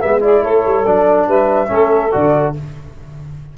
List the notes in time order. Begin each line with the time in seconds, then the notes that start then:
0.00 G#3 B3 E5
0.21 E4 G#4 D5
0.42 A3 A4 C#5
0.66 G3
0.85 F#3 D4 D5
1.27 G3 B4 E5
1.67 A3 C#4 A4
2.12 D3 F#4 D5